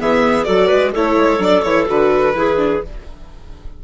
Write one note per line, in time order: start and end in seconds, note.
0.00 0.47 E3
0.00 0.45 B3
0.00 0.47 G#4
0.00 0.44 E5
0.44 0.72 F#3
0.44 0.92 F#4
0.44 0.68 A4
0.44 0.91 D5
0.68 0.95 G#3
0.68 0.91 B4
0.93 1.17 A3
0.93 1.40 E4
0.93 2.34 A4
0.93 1.43 C#5
1.17 1.39 G#3
1.39 1.62 F#3
1.39 1.63 D4
1.39 1.63 D5
1.63 1.88 E3
1.63 1.87 E4
1.63 1.86 C#5
1.87 2.35 D3
1.87 2.34 F#4
1.87 2.84 B4
2.35 2.82 E3
2.35 2.57 E4
2.35 2.84 G#4
2.57 2.81 D4